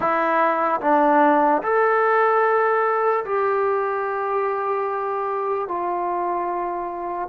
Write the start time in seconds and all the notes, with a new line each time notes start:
0.00 E4
0.80 D4
1.62 A4
3.24 G4
5.68 F4